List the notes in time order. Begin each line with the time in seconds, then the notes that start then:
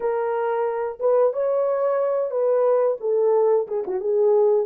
0.00 A#4
0.99 B4
1.33 C#5
2.30 B4
3.00 A4
3.67 G#4
3.87 F#4
4.00 G#4